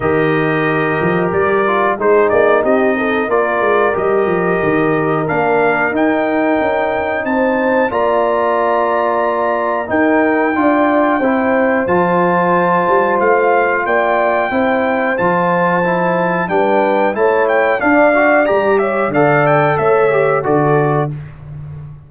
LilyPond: <<
  \new Staff \with { instrumentName = "trumpet" } { \time 4/4 \tempo 4 = 91 dis''2 d''4 c''8 d''8 | dis''4 d''4 dis''2 | f''4 g''2 a''4 | ais''2. g''4~ |
g''2 a''2 | f''4 g''2 a''4~ | a''4 g''4 a''8 g''8 f''4 | ais''8 e''8 f''8 g''8 e''4 d''4 | }
  \new Staff \with { instrumentName = "horn" } { \time 4/4 ais'2. gis'4 | g'8 a'8 ais'2.~ | ais'2. c''4 | d''2. ais'4 |
d''4 c''2.~ | c''4 d''4 c''2~ | c''4 b'4 cis''4 d''4~ | d''8 cis''8 d''4 cis''4 a'4 | }
  \new Staff \with { instrumentName = "trombone" } { \time 4/4 g'2~ g'8 f'8 dis'4~ | dis'4 f'4 g'2 | d'4 dis'2. | f'2. dis'4 |
f'4 e'4 f'2~ | f'2 e'4 f'4 | e'4 d'4 e'4 d'8 fis'8 | g'4 a'4. g'8 fis'4 | }
  \new Staff \with { instrumentName = "tuba" } { \time 4/4 dis4. f8 g4 gis8 ais8 | c'4 ais8 gis8 g8 f8 dis4 | ais4 dis'4 cis'4 c'4 | ais2. dis'4 |
d'4 c'4 f4. g8 | a4 ais4 c'4 f4~ | f4 g4 a4 d'4 | g4 d4 a4 d4 | }
>>